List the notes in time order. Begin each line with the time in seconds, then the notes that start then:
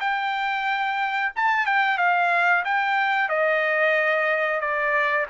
0.00 G5
1.35 A5
1.66 G5
1.97 F5
2.64 G5
3.28 D#5
4.60 D5